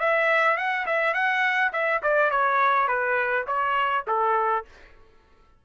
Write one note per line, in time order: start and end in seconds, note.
0.00 0.57 E5
0.57 0.86 F#5
0.87 1.14 E5
1.14 1.72 F#5
1.73 2.02 E5
2.03 2.31 D5
2.31 2.88 C#5
2.88 3.46 B4
3.47 4.05 C#5
4.08 4.65 A4